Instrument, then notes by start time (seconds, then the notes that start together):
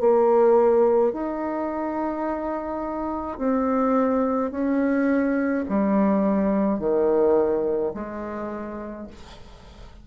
bassoon
0.00 A#3
1.13 D#4
3.38 C4
4.51 C#4
5.69 G3
6.79 D#3
7.95 G#3